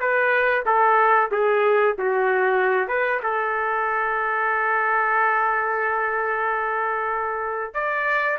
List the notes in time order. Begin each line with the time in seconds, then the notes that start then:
0.00 B4
0.66 A4
1.31 G#4
1.98 F#4
2.88 B4
3.23 A4
7.74 D5